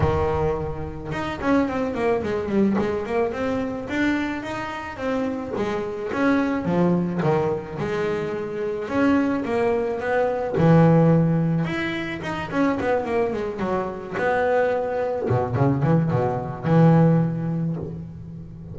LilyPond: \new Staff \with { instrumentName = "double bass" } { \time 4/4 \tempo 4 = 108 dis2 dis'8 cis'8 c'8 ais8 | gis8 g8 gis8 ais8 c'4 d'4 | dis'4 c'4 gis4 cis'4 | f4 dis4 gis2 |
cis'4 ais4 b4 e4~ | e4 e'4 dis'8 cis'8 b8 ais8 | gis8 fis4 b2 b,8 | cis8 e8 b,4 e2 | }